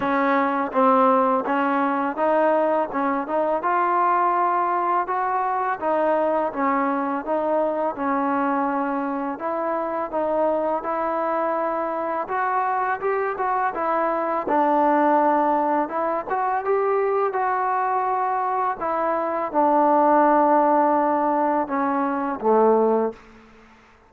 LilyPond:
\new Staff \with { instrumentName = "trombone" } { \time 4/4 \tempo 4 = 83 cis'4 c'4 cis'4 dis'4 | cis'8 dis'8 f'2 fis'4 | dis'4 cis'4 dis'4 cis'4~ | cis'4 e'4 dis'4 e'4~ |
e'4 fis'4 g'8 fis'8 e'4 | d'2 e'8 fis'8 g'4 | fis'2 e'4 d'4~ | d'2 cis'4 a4 | }